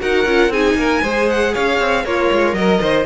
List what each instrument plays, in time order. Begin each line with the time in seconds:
0.00 cello D#4, viola F#4, violin A#4 F#5
0.25 cello C#4, viola F4
0.49 cello C4, viola D#4, violin G#4 G#5
0.75 cello A#3, violin A#4
1.02 cello G#3, viola G#4, violin C5
1.30 violin F#5
1.54 cello C#4, violin C#5 F5
1.80 cello C4
2.04 cello A#3, violin F4 C#5, viola A#4
2.32 cello G#3
2.54 cello F#3, violin A#4 D#5
2.81 cello D#3, violin C5